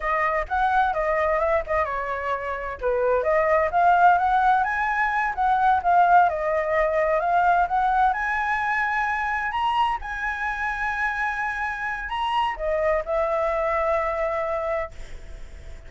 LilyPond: \new Staff \with { instrumentName = "flute" } { \time 4/4 \tempo 4 = 129 dis''4 fis''4 dis''4 e''8 dis''8 | cis''2 b'4 dis''4 | f''4 fis''4 gis''4. fis''8~ | fis''8 f''4 dis''2 f''8~ |
f''8 fis''4 gis''2~ gis''8~ | gis''8 ais''4 gis''2~ gis''8~ | gis''2 ais''4 dis''4 | e''1 | }